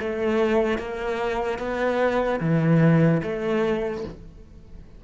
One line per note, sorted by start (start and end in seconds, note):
0.00 0.79 A3
0.79 1.59 A#3
1.59 2.40 B3
2.41 3.22 E3
3.24 4.05 A3